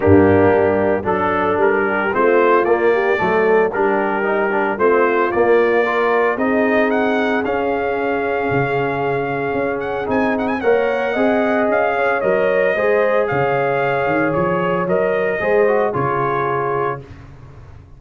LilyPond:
<<
  \new Staff \with { instrumentName = "trumpet" } { \time 4/4 \tempo 4 = 113 g'2 a'4 ais'4 | c''4 d''2 ais'4~ | ais'4 c''4 d''2 | dis''4 fis''4 f''2~ |
f''2~ f''8 fis''8 gis''8 fis''16 gis''16 | fis''2 f''4 dis''4~ | dis''4 f''2 cis''4 | dis''2 cis''2 | }
  \new Staff \with { instrumentName = "horn" } { \time 4/4 d'2 a'4. g'8 | f'4. g'8 a'4 g'4~ | g'4 f'2 ais'4 | gis'1~ |
gis'1 | cis''4 dis''4. cis''4. | c''4 cis''2.~ | cis''4 c''4 gis'2 | }
  \new Staff \with { instrumentName = "trombone" } { \time 4/4 ais2 d'2 | c'4 ais4 a4 d'4 | dis'8 d'8 c'4 ais4 f'4 | dis'2 cis'2~ |
cis'2. dis'4 | ais'4 gis'2 ais'4 | gis'1 | ais'4 gis'8 fis'8 f'2 | }
  \new Staff \with { instrumentName = "tuba" } { \time 4/4 g,4 g4 fis4 g4 | a4 ais4 fis4 g4~ | g4 a4 ais2 | c'2 cis'2 |
cis2 cis'4 c'4 | ais4 c'4 cis'4 fis4 | gis4 cis4. dis8 f4 | fis4 gis4 cis2 | }
>>